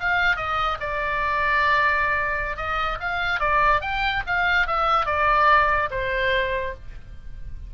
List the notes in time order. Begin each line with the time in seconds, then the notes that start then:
0.00 F5
0.36 D#5
0.80 D5
2.56 D#5
3.00 F5
3.39 D5
3.81 G5
4.26 F5
4.66 E5
5.06 D5
5.91 C5